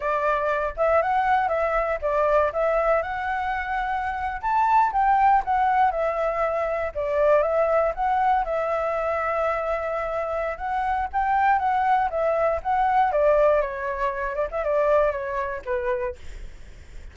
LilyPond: \new Staff \with { instrumentName = "flute" } { \time 4/4 \tempo 4 = 119 d''4. e''8 fis''4 e''4 | d''4 e''4 fis''2~ | fis''8. a''4 g''4 fis''4 e''16~ | e''4.~ e''16 d''4 e''4 fis''16~ |
fis''8. e''2.~ e''16~ | e''4 fis''4 g''4 fis''4 | e''4 fis''4 d''4 cis''4~ | cis''8 d''16 e''16 d''4 cis''4 b'4 | }